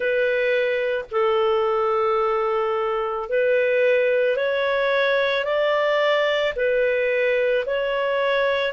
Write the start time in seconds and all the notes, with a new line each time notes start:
0.00 B4
1.11 A4
3.29 B4
4.36 C#5
5.44 D5
6.56 B4
7.66 C#5